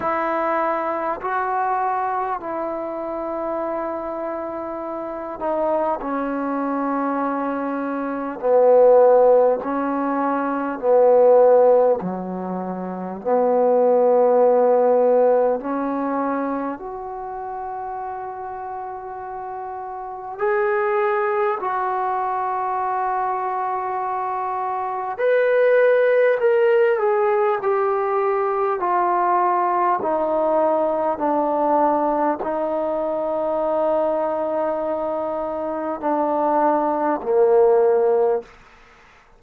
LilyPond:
\new Staff \with { instrumentName = "trombone" } { \time 4/4 \tempo 4 = 50 e'4 fis'4 e'2~ | e'8 dis'8 cis'2 b4 | cis'4 b4 fis4 b4~ | b4 cis'4 fis'2~ |
fis'4 gis'4 fis'2~ | fis'4 b'4 ais'8 gis'8 g'4 | f'4 dis'4 d'4 dis'4~ | dis'2 d'4 ais4 | }